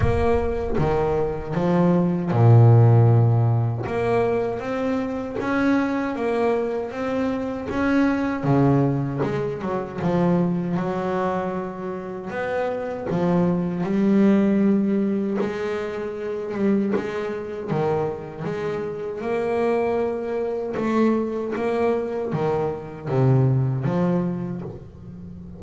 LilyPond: \new Staff \with { instrumentName = "double bass" } { \time 4/4 \tempo 4 = 78 ais4 dis4 f4 ais,4~ | ais,4 ais4 c'4 cis'4 | ais4 c'4 cis'4 cis4 | gis8 fis8 f4 fis2 |
b4 f4 g2 | gis4. g8 gis4 dis4 | gis4 ais2 a4 | ais4 dis4 c4 f4 | }